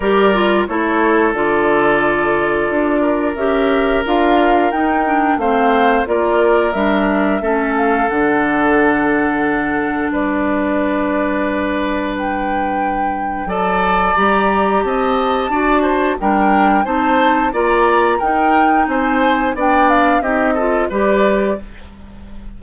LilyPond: <<
  \new Staff \with { instrumentName = "flute" } { \time 4/4 \tempo 4 = 89 d''4 cis''4 d''2~ | d''4 e''4 f''4 g''4 | f''4 d''4 e''4. f''8 | fis''2. d''4~ |
d''2 g''2 | a''4 ais''4 a''2 | g''4 a''4 ais''4 g''4 | gis''4 g''8 f''8 dis''4 d''4 | }
  \new Staff \with { instrumentName = "oboe" } { \time 4/4 ais'4 a'2.~ | a'8 ais'2.~ ais'8 | c''4 ais'2 a'4~ | a'2. b'4~ |
b'1 | d''2 dis''4 d''8 c''8 | ais'4 c''4 d''4 ais'4 | c''4 d''4 g'8 a'8 b'4 | }
  \new Staff \with { instrumentName = "clarinet" } { \time 4/4 g'8 f'8 e'4 f'2~ | f'4 g'4 f'4 dis'8 d'8 | c'4 f'4 d'4 cis'4 | d'1~ |
d'1 | a'4 g'2 fis'4 | d'4 dis'4 f'4 dis'4~ | dis'4 d'4 dis'8 f'8 g'4 | }
  \new Staff \with { instrumentName = "bassoon" } { \time 4/4 g4 a4 d2 | d'4 cis'4 d'4 dis'4 | a4 ais4 g4 a4 | d2. g4~ |
g1 | fis4 g4 c'4 d'4 | g4 c'4 ais4 dis'4 | c'4 b4 c'4 g4 | }
>>